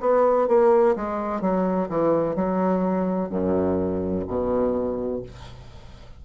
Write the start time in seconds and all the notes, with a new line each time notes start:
0.00 B3
0.48 A#3
0.96 G#3
1.41 F#3
1.89 E3
2.35 F#3
3.29 F#2
4.27 B2